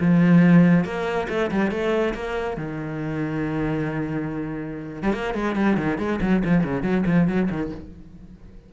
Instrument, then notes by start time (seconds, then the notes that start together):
cello
0.00 F3
0.85 A#3
1.29 A3
1.51 G3
1.71 A3
2.14 A#3
2.57 D#3
5.03 G3
5.13 A#3
5.34 G#3
5.55 G3
5.77 D#3
5.98 G#3
6.21 F#3
6.44 F3
6.64 C#3
6.83 F#3
7.06 F3
7.27 F#3
7.50 D#3